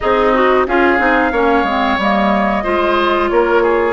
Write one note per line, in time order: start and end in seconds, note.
0.00 0.66 C4
0.00 0.66 D#4
0.00 0.34 G#4
0.00 0.66 D#5
0.34 0.67 F#4
0.66 0.99 C#4
0.66 0.98 F4
0.66 1.32 G#4
0.66 1.99 F5
0.98 1.32 C4
0.98 1.31 D#4
1.32 1.63 A#3
1.32 1.66 C#4
1.32 2.63 C#5
1.63 1.96 G#3
1.63 1.99 C4
1.97 2.63 G3
1.97 2.63 A#3
1.97 3.29 D#5
2.63 3.30 G#3
2.63 3.93 F4
2.63 3.29 C5
3.29 3.93 A#3
3.29 3.62 A#4
3.29 3.93 C#5
3.62 3.93 G#4